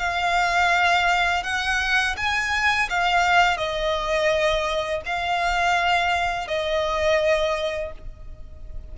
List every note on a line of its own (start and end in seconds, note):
0.00 1.44 F5
1.44 2.16 F#5
2.17 2.89 G#5
2.90 3.58 F5
3.58 5.02 D#5
5.06 6.48 F5
6.48 7.93 D#5